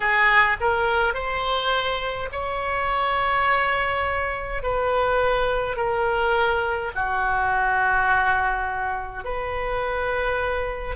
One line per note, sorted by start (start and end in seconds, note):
0.00 0.57 G#4
0.60 1.13 A#4
1.13 2.29 C5
2.31 4.62 C#5
4.62 5.76 B4
5.76 6.91 A#4
6.95 9.24 F#4
9.24 10.95 B4